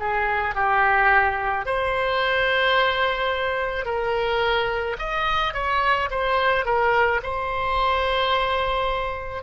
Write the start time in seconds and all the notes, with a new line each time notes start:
0.00 G#4
0.55 G4
1.66 C5
3.85 A#4
4.99 D#5
5.54 C#5
6.11 C5
6.66 A#4
7.23 C5